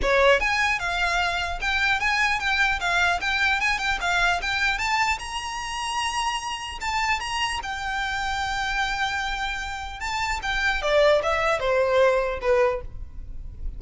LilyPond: \new Staff \with { instrumentName = "violin" } { \time 4/4 \tempo 4 = 150 cis''4 gis''4 f''2 | g''4 gis''4 g''4 f''4 | g''4 gis''8 g''8 f''4 g''4 | a''4 ais''2.~ |
ais''4 a''4 ais''4 g''4~ | g''1~ | g''4 a''4 g''4 d''4 | e''4 c''2 b'4 | }